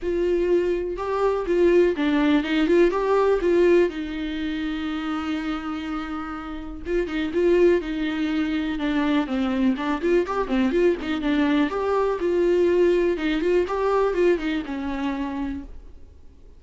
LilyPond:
\new Staff \with { instrumentName = "viola" } { \time 4/4 \tempo 4 = 123 f'2 g'4 f'4 | d'4 dis'8 f'8 g'4 f'4 | dis'1~ | dis'2 f'8 dis'8 f'4 |
dis'2 d'4 c'4 | d'8 f'8 g'8 c'8 f'8 dis'8 d'4 | g'4 f'2 dis'8 f'8 | g'4 f'8 dis'8 cis'2 | }